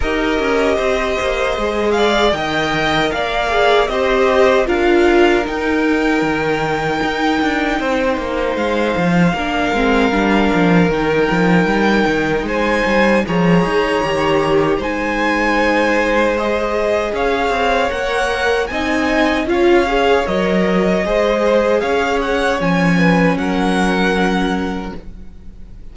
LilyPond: <<
  \new Staff \with { instrumentName = "violin" } { \time 4/4 \tempo 4 = 77 dis''2~ dis''8 f''8 g''4 | f''4 dis''4 f''4 g''4~ | g''2. f''4~ | f''2 g''2 |
gis''4 ais''2 gis''4~ | gis''4 dis''4 f''4 fis''4 | gis''4 f''4 dis''2 | f''8 fis''8 gis''4 fis''2 | }
  \new Staff \with { instrumentName = "violin" } { \time 4/4 ais'4 c''4. d''8 dis''4 | d''4 c''4 ais'2~ | ais'2 c''2 | ais'1 |
c''4 cis''2 c''4~ | c''2 cis''2 | dis''4 cis''2 c''4 | cis''4. b'8 ais'2 | }
  \new Staff \with { instrumentName = "viola" } { \time 4/4 g'2 gis'4 ais'4~ | ais'8 gis'8 g'4 f'4 dis'4~ | dis'1 | d'8 c'8 d'4 dis'2~ |
dis'4 gis'4 g'4 dis'4~ | dis'4 gis'2 ais'4 | dis'4 f'8 gis'8 ais'4 gis'4~ | gis'4 cis'2. | }
  \new Staff \with { instrumentName = "cello" } { \time 4/4 dis'8 cis'8 c'8 ais8 gis4 dis4 | ais4 c'4 d'4 dis'4 | dis4 dis'8 d'8 c'8 ais8 gis8 f8 | ais8 gis8 g8 f8 dis8 f8 g8 dis8 |
gis8 g8 f8 dis'8 dis4 gis4~ | gis2 cis'8 c'8 ais4 | c'4 cis'4 fis4 gis4 | cis'4 f4 fis2 | }
>>